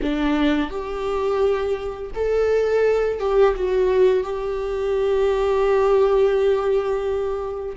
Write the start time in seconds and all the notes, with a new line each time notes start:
0.02 D4
0.70 G4
2.14 A4
3.19 G4
3.55 F#4
4.23 G4